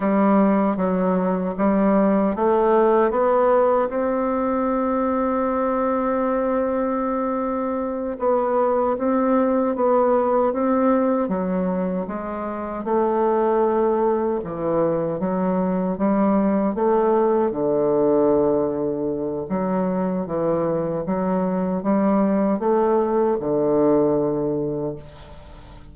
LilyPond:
\new Staff \with { instrumentName = "bassoon" } { \time 4/4 \tempo 4 = 77 g4 fis4 g4 a4 | b4 c'2.~ | c'2~ c'8 b4 c'8~ | c'8 b4 c'4 fis4 gis8~ |
gis8 a2 e4 fis8~ | fis8 g4 a4 d4.~ | d4 fis4 e4 fis4 | g4 a4 d2 | }